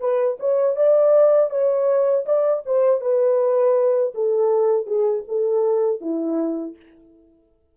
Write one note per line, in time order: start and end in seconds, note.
0.00 0.38 B4
0.40 0.76 C#5
0.76 1.50 D5
1.50 2.25 C#5
2.26 2.63 D5
2.66 3.01 C5
3.01 4.14 B4
4.14 4.86 A4
4.86 5.24 G#4
5.28 6.01 A4
6.01 6.76 E4